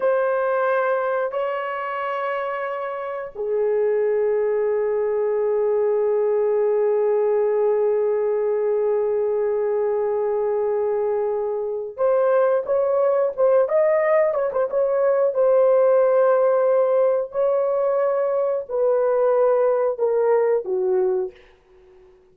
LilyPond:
\new Staff \with { instrumentName = "horn" } { \time 4/4 \tempo 4 = 90 c''2 cis''2~ | cis''4 gis'2.~ | gis'1~ | gis'1~ |
gis'2 c''4 cis''4 | c''8 dis''4 cis''16 c''16 cis''4 c''4~ | c''2 cis''2 | b'2 ais'4 fis'4 | }